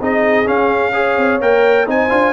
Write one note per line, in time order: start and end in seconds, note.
0.00 0.48 C4
0.00 0.45 D#4
0.00 0.93 G#4
0.00 0.48 D#5
0.45 0.92 C#4
0.45 1.17 C#4
0.45 1.41 F5
0.93 1.40 G#4
0.93 1.87 C#5
1.17 1.41 C4
1.41 1.87 A#3
1.41 1.87 A#4
1.41 1.89 G5
1.87 2.10 C4
1.87 2.09 D#4
1.87 2.33 C5
1.87 2.33 G#5
2.09 2.33 D4
2.09 2.33 F4